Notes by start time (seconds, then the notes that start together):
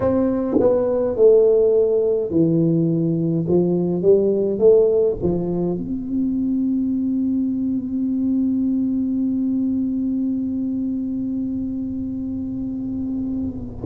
0.00 C4
0.60 B3
1.15 A3
2.30 E3
3.48 F3
4.02 G3
4.58 A3
5.22 F3
5.77 C4